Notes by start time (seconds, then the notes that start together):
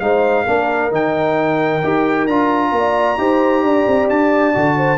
0.00 G#3 D#4 C5 F5
0.44 A#3 D4 A#4
0.91 D#3 D#4 G5
1.83 D#4 G4
2.27 D4 F4 A#5
2.71 A#3 D5
3.17 D#4 G4 C5
3.62 D4 D5
3.87 C4
4.09 D4 A5
4.54 D3 F#4
4.77 C5